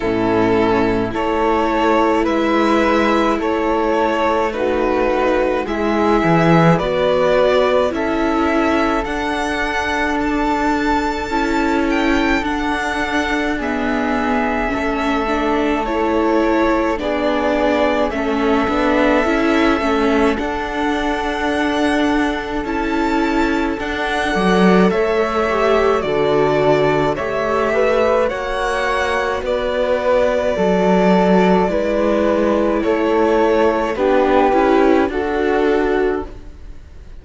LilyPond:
<<
  \new Staff \with { instrumentName = "violin" } { \time 4/4 \tempo 4 = 53 a'4 cis''4 e''4 cis''4 | b'4 e''4 d''4 e''4 | fis''4 a''4. g''8 fis''4 | e''2 cis''4 d''4 |
e''2 fis''2 | a''4 fis''4 e''4 d''4 | e''4 fis''4 d''2~ | d''4 cis''4 b'4 a'4 | }
  \new Staff \with { instrumentName = "flute" } { \time 4/4 e'4 a'4 b'4 a'4 | fis'4 gis'4 b'4 a'4~ | a'1 | gis'4 a'2 gis'4 |
a'1~ | a'4. d''8 cis''4 a'4 | cis''8 b'8 cis''4 b'4 a'4 | b'4 a'4 g'4 fis'4 | }
  \new Staff \with { instrumentName = "viola" } { \time 4/4 cis'4 e'2. | dis'4 e'4 fis'4 e'4 | d'2 e'4 d'4 | b4 cis'8 d'8 e'4 d'4 |
cis'8 d'8 e'8 cis'8 d'2 | e'4 d'8 a'4 g'8 fis'4 | g'4 fis'2. | e'2 d'8 e'8 fis'4 | }
  \new Staff \with { instrumentName = "cello" } { \time 4/4 a,4 a4 gis4 a4~ | a4 gis8 e8 b4 cis'4 | d'2 cis'4 d'4~ | d'4 a2 b4 |
a8 b8 cis'8 a8 d'2 | cis'4 d'8 fis8 a4 d4 | a4 ais4 b4 fis4 | gis4 a4 b8 cis'8 d'4 | }
>>